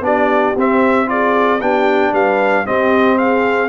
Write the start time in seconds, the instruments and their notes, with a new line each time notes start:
0.00 tuba B3, trombone D4, horn G4, trumpet D5
0.56 tuba C4, trombone C4, trumpet E5
1.06 trombone F4, horn G#4, trumpet D5
1.60 tuba B3, trombone D4, horn G4, trumpet G5
2.11 tuba G3, horn B4, trumpet F5
2.65 trombone C4, tuba C4, horn G4, trumpet D#5
3.18 horn G#4, trumpet F5